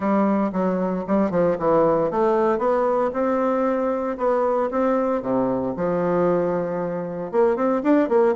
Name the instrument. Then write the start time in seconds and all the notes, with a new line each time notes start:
bassoon
0.00 G3
0.52 F#3
1.07 G3
1.30 F3
1.58 E3
2.10 A3
2.58 B3
3.13 C4
4.17 B3
4.71 C4
5.22 C3
5.76 F3
7.31 A#3
7.56 C4
7.83 D4
8.08 A#3